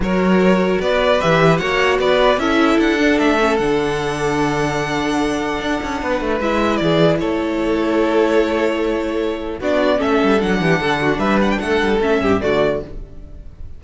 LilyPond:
<<
  \new Staff \with { instrumentName = "violin" } { \time 4/4 \tempo 4 = 150 cis''2 d''4 e''4 | fis''4 d''4 e''4 fis''4 | e''4 fis''2.~ | fis''1 |
e''4 d''4 cis''2~ | cis''1 | d''4 e''4 fis''2 | e''8 fis''16 g''16 fis''4 e''4 d''4 | }
  \new Staff \with { instrumentName = "violin" } { \time 4/4 ais'2 b'2 | cis''4 b'4 a'2~ | a'1~ | a'2. b'4~ |
b'4 gis'4 a'2~ | a'1 | fis'4 a'4. g'8 a'8 fis'8 | b'4 a'4. g'8 fis'4 | }
  \new Staff \with { instrumentName = "viola" } { \time 4/4 fis'2. g'4 | fis'2 e'4. d'8~ | d'8 cis'8 d'2.~ | d'1 |
e'1~ | e'1 | d'4 cis'4 d'2~ | d'2 cis'4 a4 | }
  \new Staff \with { instrumentName = "cello" } { \time 4/4 fis2 b4 e4 | ais4 b4 cis'4 d'4 | a4 d2.~ | d2 d'8 cis'8 b8 a8 |
gis4 e4 a2~ | a1 | b4 a8 g8 fis8 e8 d4 | g4 a8 g8 a8 g,8 d4 | }
>>